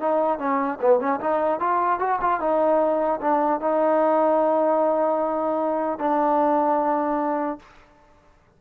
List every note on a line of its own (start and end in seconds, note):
0.00 0.39 D#4
0.39 0.79 C#4
0.81 1.00 B3
1.00 1.20 C#4
1.20 1.60 D#4
1.60 1.99 F4
1.99 2.19 F#4
2.21 2.40 F4
2.40 3.20 D#4
3.21 3.61 D4
3.61 5.99 D#4
5.99 7.59 D4